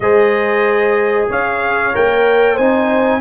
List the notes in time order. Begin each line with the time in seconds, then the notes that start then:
0.00 G#3 G#4 C5 D#5
1.29 C#4 C#5 F5
1.93 A#3 A#4 G5
2.54 C4 D#4 C5 G#5